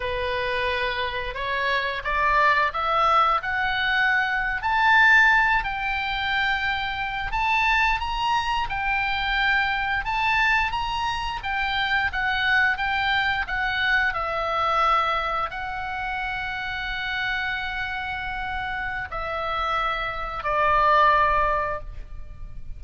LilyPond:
\new Staff \with { instrumentName = "oboe" } { \time 4/4 \tempo 4 = 88 b'2 cis''4 d''4 | e''4 fis''4.~ fis''16 a''4~ a''16~ | a''16 g''2~ g''8 a''4 ais''16~ | ais''8. g''2 a''4 ais''16~ |
ais''8. g''4 fis''4 g''4 fis''16~ | fis''8. e''2 fis''4~ fis''16~ | fis''1 | e''2 d''2 | }